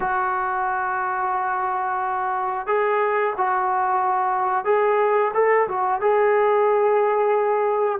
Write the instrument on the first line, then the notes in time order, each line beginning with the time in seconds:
trombone
0.00 F#4
2.66 G#4
3.37 F#4
4.65 G#4
5.34 A4
5.68 F#4
6.00 G#4